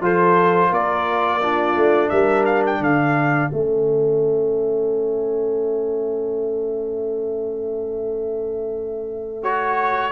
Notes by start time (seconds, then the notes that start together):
0.00 F3 F4 A4 C5
0.70 A#3 A#4 D5
1.41 D4 F4
1.75 A3
2.09 G3 A#4 E5
2.45 F5
2.66 G5
2.80 D3 A4 F5
3.51 A3 C#4 E5
9.43 F#4 C#5